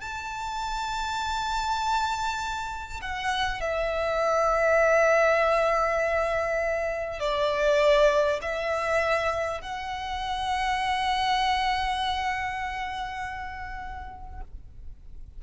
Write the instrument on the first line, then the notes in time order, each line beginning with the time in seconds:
violin
0.00 A5
3.01 F#5
3.61 E5
7.19 D5
8.42 E5
9.61 F#5